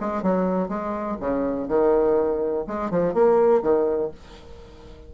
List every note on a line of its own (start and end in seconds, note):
0.00 0.22 G#3
0.22 0.69 F#3
0.69 1.17 G#3
1.20 1.68 C#3
1.68 2.66 D#3
2.67 2.90 G#3
2.90 3.14 F3
3.14 3.62 A#3
3.62 4.11 D#3